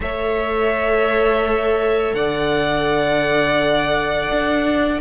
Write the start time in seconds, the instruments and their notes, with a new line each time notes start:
0.00 cello A3, viola A4, violin C#5 E5
2.14 cello D3, violin D5 F#5
4.31 cello D4